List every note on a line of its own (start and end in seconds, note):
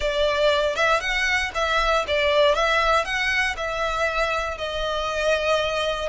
0.00 0.75 D5
0.75 1.00 E5
1.00 1.51 F#5
1.54 2.05 E5
2.07 2.54 D5
2.54 3.04 E5
3.04 3.55 F#5
3.56 4.57 E5
4.57 6.09 D#5